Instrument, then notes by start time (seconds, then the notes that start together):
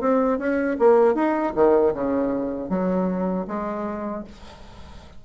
bassoon
0.00 C4
0.38 C#4
0.79 A#3
1.14 D#4
1.55 D#3
1.94 C#3
2.69 F#3
3.47 G#3